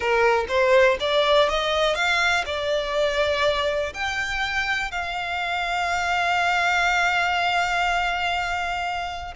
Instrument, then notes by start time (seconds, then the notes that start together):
violin
0.00 A#4
0.48 C5
1.00 D5
1.49 D#5
1.95 F5
2.45 D5
3.93 G5
4.91 F5